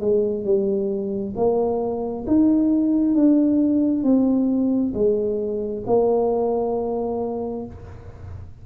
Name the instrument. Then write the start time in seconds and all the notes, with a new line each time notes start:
tuba
0.00 G#3
0.44 G3
1.36 A#3
2.27 D#4
3.15 D4
4.03 C4
4.93 G#3
5.86 A#3